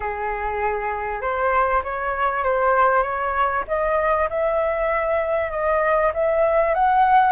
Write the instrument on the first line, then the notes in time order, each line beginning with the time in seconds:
flute
0.00 G#4
1.21 C5
1.83 C#5
2.43 C5
3.03 C#5
3.67 D#5
4.29 E5
5.50 D#5
6.14 E5
6.74 F#5